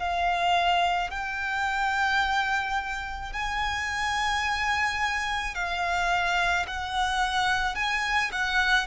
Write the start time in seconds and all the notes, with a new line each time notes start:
0.00 F5
1.11 G5
3.33 G#5
5.56 F5
6.68 F#5
7.76 G#5
8.32 F#5